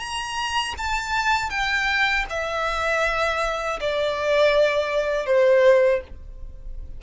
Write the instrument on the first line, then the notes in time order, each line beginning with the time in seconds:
violin
0.00 A#5
0.78 A5
1.50 G5
2.30 E5
3.80 D5
5.26 C5